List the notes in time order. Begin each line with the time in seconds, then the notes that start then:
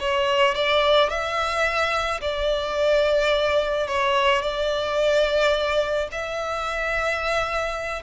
0.00 C#5
0.55 D5
1.10 E5
2.21 D5
3.87 C#5
4.42 D5
6.12 E5